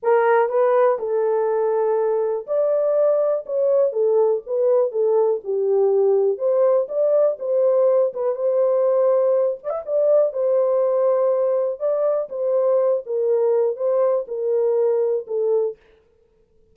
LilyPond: \new Staff \with { instrumentName = "horn" } { \time 4/4 \tempo 4 = 122 ais'4 b'4 a'2~ | a'4 d''2 cis''4 | a'4 b'4 a'4 g'4~ | g'4 c''4 d''4 c''4~ |
c''8 b'8 c''2~ c''8 d''16 e''16 | d''4 c''2. | d''4 c''4. ais'4. | c''4 ais'2 a'4 | }